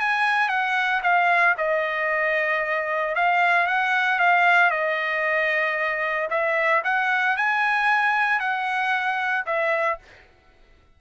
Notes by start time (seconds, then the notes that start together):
0.00 G#5
0.49 F#5
1.03 F5
1.58 D#5
3.16 F5
3.67 F#5
4.20 F5
4.71 D#5
6.30 E5
6.85 F#5
7.37 G#5
8.40 F#5
9.47 E5